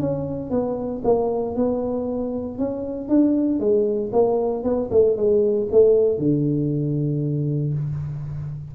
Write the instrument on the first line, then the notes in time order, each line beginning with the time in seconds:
tuba
0.00 C#4
0.50 B3
1.04 A#3
1.55 B3
2.58 C#4
3.09 D4
3.59 G#3
4.12 A#3
4.63 B3
4.91 A3
5.16 G#3
5.71 A3
6.18 D3